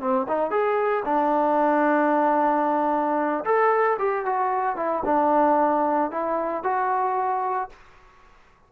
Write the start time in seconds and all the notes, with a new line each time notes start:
0.00 C4
0.28 D#4
0.50 G#4
1.05 D4
3.44 A4
3.99 G4
4.25 F#4
4.76 E4
5.05 D4
6.11 E4
6.63 F#4